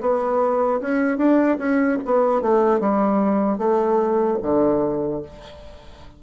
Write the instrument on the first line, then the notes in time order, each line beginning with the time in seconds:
bassoon
0.00 B3
0.80 C#4
1.17 D4
1.58 C#4
2.05 B3
2.41 A3
2.80 G3
3.57 A3
4.42 D3